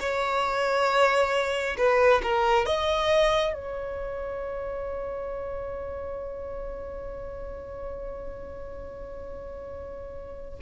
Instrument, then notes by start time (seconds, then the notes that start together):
violin
0.00 C#5
1.78 B4
2.23 A#4
2.66 D#5
3.54 C#5